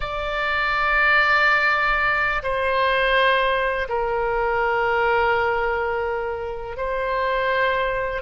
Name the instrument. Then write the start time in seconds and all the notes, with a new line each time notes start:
oboe
0.00 D5
2.42 C5
3.88 A#4
6.77 C5